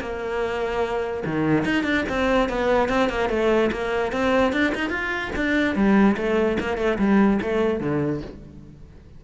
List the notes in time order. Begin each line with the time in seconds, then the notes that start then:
0.00 A#3
1.25 D#3
1.65 D#4
1.83 D4
2.09 C4
2.49 B3
2.89 C4
3.09 A#3
3.29 A3
3.72 A#3
4.12 C4
4.53 D4
4.75 D#4
4.90 F4
5.36 D4
5.75 G3
6.17 A3
6.60 A#3
6.77 A3
6.99 G3
7.42 A3
7.80 D3